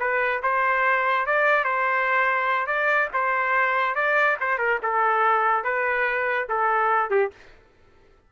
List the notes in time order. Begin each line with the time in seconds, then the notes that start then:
0.00 B4
0.43 C5
1.26 D5
1.64 C5
2.67 D5
3.13 C5
3.95 D5
4.40 C5
4.58 A#4
4.83 A4
5.64 B4
6.49 A4
7.10 G4